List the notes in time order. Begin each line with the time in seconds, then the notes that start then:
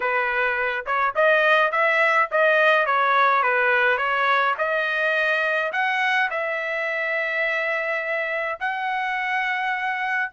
0.00 B4
0.86 C#5
1.15 D#5
1.71 E5
2.31 D#5
2.85 C#5
3.42 B4
3.97 C#5
4.57 D#5
5.72 F#5
6.30 E5
8.59 F#5